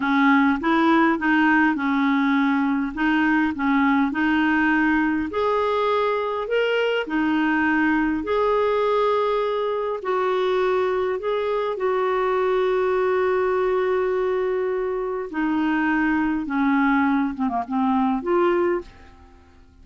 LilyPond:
\new Staff \with { instrumentName = "clarinet" } { \time 4/4 \tempo 4 = 102 cis'4 e'4 dis'4 cis'4~ | cis'4 dis'4 cis'4 dis'4~ | dis'4 gis'2 ais'4 | dis'2 gis'2~ |
gis'4 fis'2 gis'4 | fis'1~ | fis'2 dis'2 | cis'4. c'16 ais16 c'4 f'4 | }